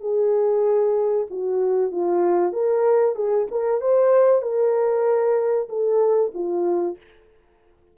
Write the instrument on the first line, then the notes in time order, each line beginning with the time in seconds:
horn
0.00 G#4
1.30 F#4
1.91 F4
2.53 A#4
3.16 G#4
3.51 A#4
3.81 C5
4.42 A#4
5.69 A4
6.34 F4